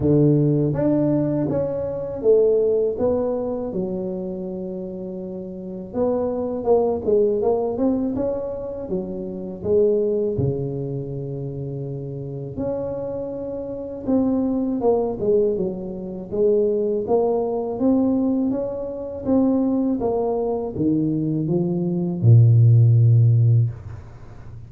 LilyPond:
\new Staff \with { instrumentName = "tuba" } { \time 4/4 \tempo 4 = 81 d4 d'4 cis'4 a4 | b4 fis2. | b4 ais8 gis8 ais8 c'8 cis'4 | fis4 gis4 cis2~ |
cis4 cis'2 c'4 | ais8 gis8 fis4 gis4 ais4 | c'4 cis'4 c'4 ais4 | dis4 f4 ais,2 | }